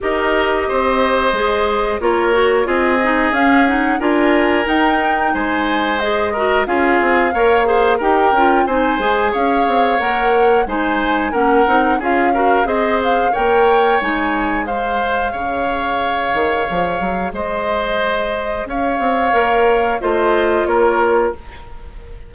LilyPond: <<
  \new Staff \with { instrumentName = "flute" } { \time 4/4 \tempo 4 = 90 dis''2. cis''4 | dis''4 f''8 fis''8 gis''4 g''4 | gis''4 dis''4 f''2 | g''4 gis''4 f''4 fis''4 |
gis''4 fis''4 f''4 dis''8 f''8 | g''4 gis''4 f''2~ | f''2 dis''2 | f''2 dis''4 cis''4 | }
  \new Staff \with { instrumentName = "oboe" } { \time 4/4 ais'4 c''2 ais'4 | gis'2 ais'2 | c''4. ais'8 gis'4 cis''8 c''8 | ais'4 c''4 cis''2 |
c''4 ais'4 gis'8 ais'8 c''4 | cis''2 c''4 cis''4~ | cis''2 c''2 | cis''2 c''4 ais'4 | }
  \new Staff \with { instrumentName = "clarinet" } { \time 4/4 g'2 gis'4 f'8 fis'8 | f'8 dis'8 cis'8 dis'8 f'4 dis'4~ | dis'4 gis'8 fis'8 f'4 ais'8 gis'8 | g'8 f'8 dis'8 gis'4. ais'4 |
dis'4 cis'8 dis'8 f'8 fis'8 gis'4 | ais'4 dis'4 gis'2~ | gis'1~ | gis'4 ais'4 f'2 | }
  \new Staff \with { instrumentName = "bassoon" } { \time 4/4 dis'4 c'4 gis4 ais4 | c'4 cis'4 d'4 dis'4 | gis2 cis'8 c'8 ais4 | dis'8 cis'8 c'8 gis8 cis'8 c'8 ais4 |
gis4 ais8 c'8 cis'4 c'4 | ais4 gis2 cis4~ | cis8 dis8 f8 fis8 gis2 | cis'8 c'8 ais4 a4 ais4 | }
>>